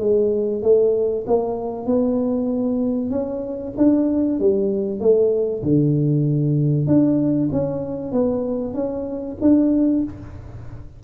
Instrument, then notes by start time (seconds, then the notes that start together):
tuba
0.00 G#3
0.62 A3
1.27 A#3
1.86 B3
3.11 C#4
3.77 D4
4.40 G3
5.00 A3
5.63 D3
6.87 D4
7.52 C#4
8.12 B3
8.74 C#4
9.41 D4